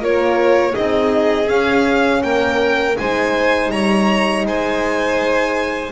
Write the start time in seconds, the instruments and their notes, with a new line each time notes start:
0.00 double bass A#3, horn F4, violin A#4 C#5
0.72 horn D#4, violin G#4 D#5
0.78 double bass C4
1.48 horn C#4, double bass C#4, violin F5
2.22 double bass A#3, violin A#4 G5
2.98 double bass G#3, horn D#4, violin C5 G#5
3.71 double bass G3, violin C#5 A#5
4.46 double bass G#3, violin C5 G#5